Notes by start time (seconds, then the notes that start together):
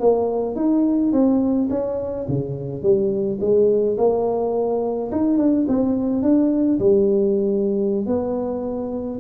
0.00 A#3
0.56 D#4
1.12 C4
1.70 C#4
2.28 C#3
2.83 G3
3.41 G#3
3.98 A#3
5.12 D#4
5.38 D4
5.68 C4
6.23 D4
6.80 G3
8.07 B3